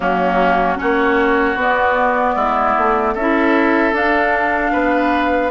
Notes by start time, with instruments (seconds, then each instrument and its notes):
0.00 bassoon F#3, clarinet A#3, oboe C#4, flute F#4
0.76 bassoon A#3, clarinet C#4, oboe F#4, flute C#5
1.55 bassoon B3, clarinet B3, flute D5
2.35 bassoon G#3, oboe E4
2.77 bassoon A3
3.14 bassoon C#4, clarinet E4, oboe A4, flute E5
3.92 bassoon D4, clarinet D4, flute F5
4.72 bassoon B3, oboe B4